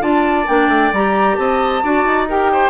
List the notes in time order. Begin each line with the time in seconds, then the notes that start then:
0.00 D4 F4 D5 A5
0.48 A#3 D4 G5
0.68 A3
0.92 G3 G4 A#5
1.35 C4 D#5 A5
1.83 D4 F#4 D5
2.05 D#4
2.28 G4 A#4 G5
2.52 C5